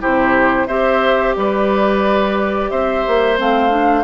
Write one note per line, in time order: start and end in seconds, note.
0.00 0.67 C3
0.00 0.67 E4
0.00 0.67 G4
0.00 0.67 C5
0.67 1.35 C4
0.67 3.37 G4
0.67 1.35 C5
0.67 1.35 E5
1.36 2.71 G3
1.36 2.71 B4
1.36 2.70 D5
2.70 3.05 C4
2.70 4.04 C5
2.70 3.37 E5
3.08 3.39 A#3
3.37 4.04 A3
3.37 3.70 C4
3.37 4.04 F5
3.70 4.04 D4